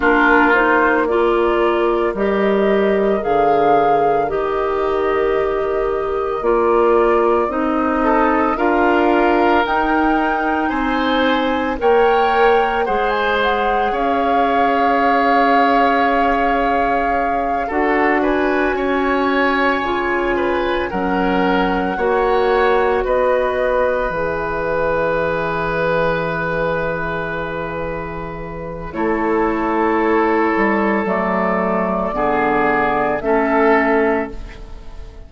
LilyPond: <<
  \new Staff \with { instrumentName = "flute" } { \time 4/4 \tempo 4 = 56 ais'8 c''8 d''4 dis''4 f''4 | dis''2 d''4 dis''4 | f''4 g''4 gis''4 g''4 | fis''16 gis''16 fis''8 f''2.~ |
f''8 fis''8 gis''2~ gis''8 fis''8~ | fis''4. dis''4 e''4.~ | e''2. cis''4~ | cis''4 d''2 e''4 | }
  \new Staff \with { instrumentName = "oboe" } { \time 4/4 f'4 ais'2.~ | ais'2.~ ais'8 a'8 | ais'2 c''4 cis''4 | c''4 cis''2.~ |
cis''8 a'8 b'8 cis''4. b'8 ais'8~ | ais'8 cis''4 b'2~ b'8~ | b'2. a'4~ | a'2 gis'4 a'4 | }
  \new Staff \with { instrumentName = "clarinet" } { \time 4/4 d'8 dis'8 f'4 g'4 gis'4 | g'2 f'4 dis'4 | f'4 dis'2 ais'4 | gis'1~ |
gis'8 fis'2 f'4 cis'8~ | cis'8 fis'2 gis'4.~ | gis'2. e'4~ | e'4 a4 b4 cis'4 | }
  \new Staff \with { instrumentName = "bassoon" } { \time 4/4 ais2 g4 d4 | dis2 ais4 c'4 | d'4 dis'4 c'4 ais4 | gis4 cis'2.~ |
cis'8 d'4 cis'4 cis4 fis8~ | fis8 ais4 b4 e4.~ | e2. a4~ | a8 g8 fis4 d4 a4 | }
>>